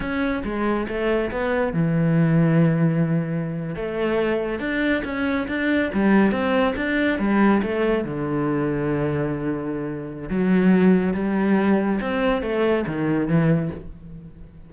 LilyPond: \new Staff \with { instrumentName = "cello" } { \time 4/4 \tempo 4 = 140 cis'4 gis4 a4 b4 | e1~ | e8. a2 d'4 cis'16~ | cis'8. d'4 g4 c'4 d'16~ |
d'8. g4 a4 d4~ d16~ | d1 | fis2 g2 | c'4 a4 dis4 e4 | }